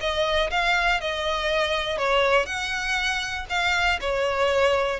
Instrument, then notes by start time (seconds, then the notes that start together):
violin
0.00 D#5
0.51 F5
1.00 D#5
1.98 C#5
2.46 F#5
3.49 F5
4.01 C#5